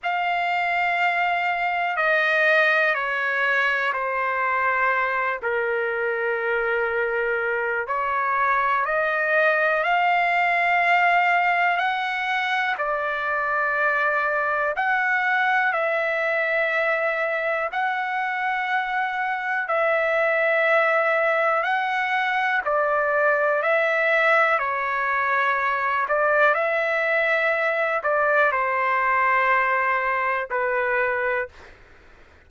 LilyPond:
\new Staff \with { instrumentName = "trumpet" } { \time 4/4 \tempo 4 = 61 f''2 dis''4 cis''4 | c''4. ais'2~ ais'8 | cis''4 dis''4 f''2 | fis''4 d''2 fis''4 |
e''2 fis''2 | e''2 fis''4 d''4 | e''4 cis''4. d''8 e''4~ | e''8 d''8 c''2 b'4 | }